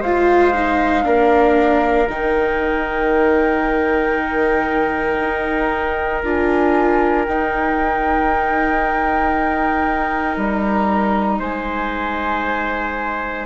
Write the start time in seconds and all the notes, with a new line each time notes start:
0.00 G#3 F4 C5 F5
0.54 D#4
1.03 A#3 D4 A#4
2.07 D#3 D#4 G5
5.20 D#4
6.23 D4 F4 G#5
7.25 D#4 G5
10.37 G3 A#5
11.39 G#3 C5 G#5